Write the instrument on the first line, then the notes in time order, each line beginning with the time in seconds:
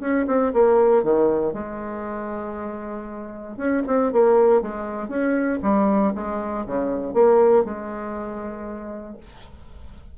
bassoon
0.00 C#4
0.27 C4
0.53 A#3
1.03 D#3
1.53 G#3
3.57 C#4
3.87 C4
4.13 A#3
4.62 G#3
5.08 C#4
5.63 G3
6.15 G#3
6.66 C#3
7.14 A#3
7.64 G#3